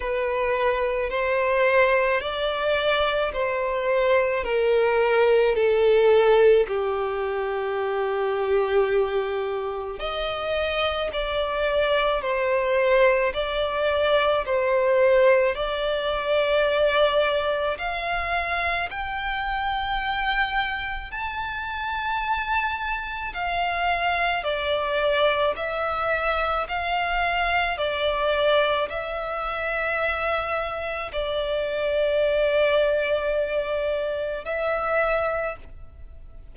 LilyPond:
\new Staff \with { instrumentName = "violin" } { \time 4/4 \tempo 4 = 54 b'4 c''4 d''4 c''4 | ais'4 a'4 g'2~ | g'4 dis''4 d''4 c''4 | d''4 c''4 d''2 |
f''4 g''2 a''4~ | a''4 f''4 d''4 e''4 | f''4 d''4 e''2 | d''2. e''4 | }